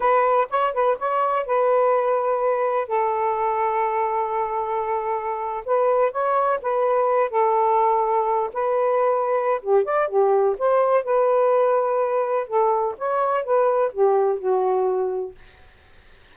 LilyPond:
\new Staff \with { instrumentName = "saxophone" } { \time 4/4 \tempo 4 = 125 b'4 cis''8 b'8 cis''4 b'4~ | b'2 a'2~ | a'2.~ a'8. b'16~ | b'8. cis''4 b'4. a'8.~ |
a'4.~ a'16 b'2~ b'16 | g'8 d''8 g'4 c''4 b'4~ | b'2 a'4 cis''4 | b'4 g'4 fis'2 | }